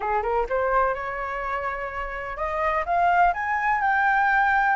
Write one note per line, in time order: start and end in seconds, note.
0.00 0.22 G#4
0.22 0.46 A#4
0.49 0.94 C5
0.94 2.36 C#5
2.36 2.84 D#5
2.85 3.33 F5
3.33 3.81 G#5
3.81 4.76 G5